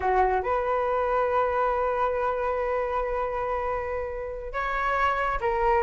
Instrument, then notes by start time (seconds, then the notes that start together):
flute
0.00 F#4
0.42 B4
4.52 C#5
5.40 A#4